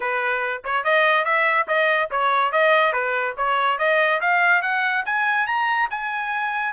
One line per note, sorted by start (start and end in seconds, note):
0.00 0.62 B4
0.64 0.84 C#5
0.84 1.24 D#5
1.24 1.66 E5
1.67 2.09 D#5
2.11 2.52 C#5
2.52 2.92 D#5
2.92 3.34 B4
3.37 3.78 C#5
3.78 4.20 D#5
4.21 4.62 F5
4.62 5.03 F#5
5.05 5.46 G#5
5.46 5.88 A#5
5.90 6.72 G#5